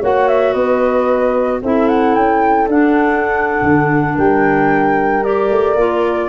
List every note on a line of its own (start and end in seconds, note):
0.00 0.54 A#3
0.00 1.62 F#4
0.00 0.53 C#5
0.00 0.28 F#5
0.28 0.53 E5
0.53 1.61 B3
0.53 1.60 B4
0.53 1.60 D#5
1.62 2.15 C4
1.62 2.69 E4
1.62 4.14 A4
1.62 1.88 E5
1.88 2.15 F#5
2.15 2.68 C#4
2.15 2.68 G5
2.68 3.62 D4
2.68 5.23 D4
2.68 4.18 F#5
3.62 4.15 D3
4.14 5.50 G3
4.14 6.28 A#4
4.14 5.23 G5
5.23 5.76 G4
5.23 6.29 D5
5.50 5.76 A3
5.76 6.29 A#3
5.76 6.29 F4